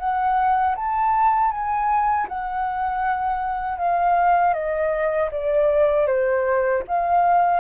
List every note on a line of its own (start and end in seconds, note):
0.00 0.76 F#5
0.76 1.52 A5
1.52 2.28 G#5
2.29 3.79 F#5
3.79 4.54 F5
4.54 5.30 D#5
5.32 6.08 D5
6.08 6.84 C5
6.88 7.61 F5